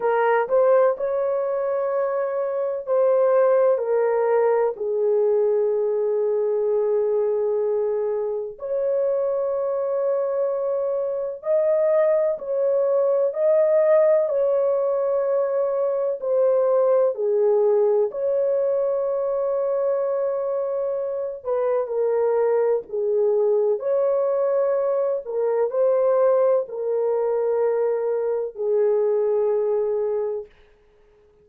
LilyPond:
\new Staff \with { instrumentName = "horn" } { \time 4/4 \tempo 4 = 63 ais'8 c''8 cis''2 c''4 | ais'4 gis'2.~ | gis'4 cis''2. | dis''4 cis''4 dis''4 cis''4~ |
cis''4 c''4 gis'4 cis''4~ | cis''2~ cis''8 b'8 ais'4 | gis'4 cis''4. ais'8 c''4 | ais'2 gis'2 | }